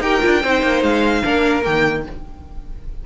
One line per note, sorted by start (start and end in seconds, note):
0.00 0.20 D#4
0.00 0.21 G4
0.00 0.42 A#4
0.00 0.83 G5
0.21 0.43 D4
0.21 0.41 F4
0.42 0.62 C4
0.42 1.24 D#4
0.42 1.23 C5
0.62 0.82 A#3
0.82 1.23 G#3
0.82 1.64 F5
1.23 1.66 A#3
1.23 1.63 D4
1.23 2.04 A#4
1.63 2.06 D#3
1.63 2.03 A#3
1.63 2.05 G5